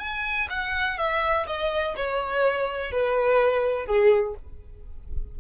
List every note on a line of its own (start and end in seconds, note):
0.00 0.48 G#5
0.50 0.98 F#5
0.98 1.47 E5
1.47 1.95 D#5
1.97 2.92 C#5
2.92 3.87 B4
3.87 4.35 G#4